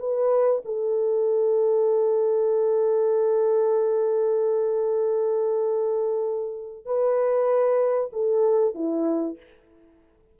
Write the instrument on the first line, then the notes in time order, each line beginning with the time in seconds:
horn
0.00 B4
0.65 A4
6.86 B4
8.13 A4
8.75 E4